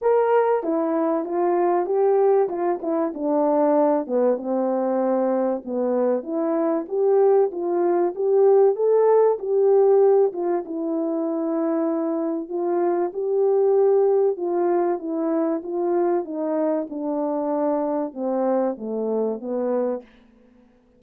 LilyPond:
\new Staff \with { instrumentName = "horn" } { \time 4/4 \tempo 4 = 96 ais'4 e'4 f'4 g'4 | f'8 e'8 d'4. b8 c'4~ | c'4 b4 e'4 g'4 | f'4 g'4 a'4 g'4~ |
g'8 f'8 e'2. | f'4 g'2 f'4 | e'4 f'4 dis'4 d'4~ | d'4 c'4 a4 b4 | }